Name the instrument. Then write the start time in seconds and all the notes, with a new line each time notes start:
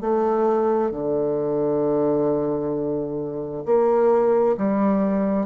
bassoon
0.00 A3
0.90 D3
3.65 A#3
4.57 G3